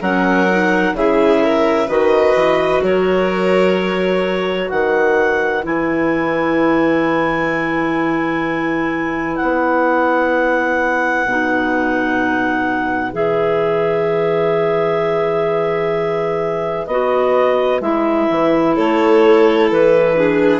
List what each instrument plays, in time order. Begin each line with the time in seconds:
0.00 bassoon F#3, clarinet C#4 F#5, violin A#4
0.50 clarinet D#4
0.93 bassoon C#3, clarinet E4 E5, violin G#4
1.44 violin A#4
1.88 bassoon D#3, clarinet F#4 D#5, violin B4
2.35 bassoon E3
2.82 bassoon F#3, violin A#4, clarinet C#5
4.67 bassoon D#3, violin B4, clarinet F#5
5.63 bassoon E3, clarinet E4 G#5
9.36 bassoon B3, clarinet F#5
11.26 bassoon B2, clarinet D#4
13.12 bassoon E3, clarinet G#4 E5
16.86 bassoon B3, clarinet F#4 D#5
17.80 bassoon G#3, clarinet E4 E5
18.30 bassoon E3
18.76 bassoon A3, violin A4, clarinet C#5
19.71 bassoon E3, clarinet B4
20.14 clarinet D4, violin G#4